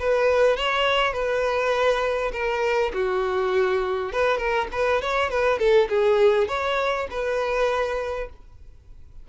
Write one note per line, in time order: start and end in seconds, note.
0.00 0.58 B4
0.58 1.13 C#5
1.13 2.32 B4
2.33 2.92 A#4
2.94 4.13 F#4
4.13 4.38 B4
4.38 4.68 A#4
4.73 5.02 B4
5.02 5.31 C#5
5.31 5.59 B4
5.59 5.89 A4
5.90 6.48 G#4
6.48 7.08 C#5
7.11 8.30 B4